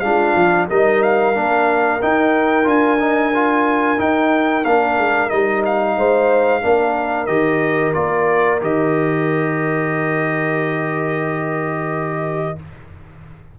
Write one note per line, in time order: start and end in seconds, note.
0.00 0.34 G#3
0.00 0.69 D4
0.00 0.70 F4
0.00 0.66 F5
0.36 0.69 F3
0.70 1.36 G3
0.70 1.35 D#4
0.70 5.97 A#4
0.70 1.03 D#5
1.03 2.02 F5
1.35 2.02 A#3
1.35 2.01 D4
2.02 2.64 D#4
2.02 2.66 D#4
2.02 2.68 G5
2.64 3.98 D4
2.64 2.97 F4
2.64 4.00 G#5
3.00 3.33 D#4
3.35 3.98 F4
3.98 4.63 D#4
3.98 4.65 D#4
3.98 4.65 G5
4.65 4.98 A#3
4.65 5.30 D4
4.65 5.30 F5
4.98 5.31 G#3
5.30 5.97 G3
5.30 6.62 D#4
5.30 5.63 D#5
5.66 7.27 F5
5.97 6.63 G#3
5.97 6.63 C5
6.62 7.28 A#3
6.62 7.28 D4
6.62 12.57 A#4
7.27 7.94 D#3
7.27 7.94 G4
7.27 7.93 D#5
7.94 8.62 A#3
7.94 8.60 F4
7.94 8.60 D5
8.61 12.57 D#3
8.61 12.56 G4
8.61 12.59 D#5